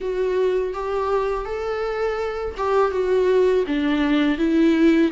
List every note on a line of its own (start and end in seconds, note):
0.00 0.73 F#4
0.73 1.45 G4
1.45 2.55 A4
2.57 2.91 G4
2.91 3.64 F#4
3.67 4.37 D4
4.37 5.11 E4